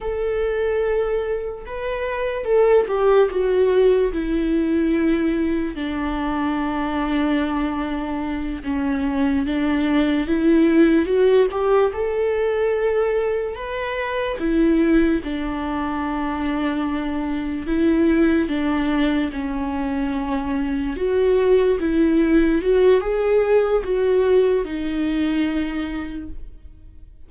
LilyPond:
\new Staff \with { instrumentName = "viola" } { \time 4/4 \tempo 4 = 73 a'2 b'4 a'8 g'8 | fis'4 e'2 d'4~ | d'2~ d'8 cis'4 d'8~ | d'8 e'4 fis'8 g'8 a'4.~ |
a'8 b'4 e'4 d'4.~ | d'4. e'4 d'4 cis'8~ | cis'4. fis'4 e'4 fis'8 | gis'4 fis'4 dis'2 | }